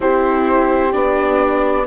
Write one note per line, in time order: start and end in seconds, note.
0.00 0.94 C4
0.00 0.92 E4
0.00 1.87 G4
0.00 0.92 C5
0.92 1.87 B3
0.92 1.86 D4
0.92 1.86 D5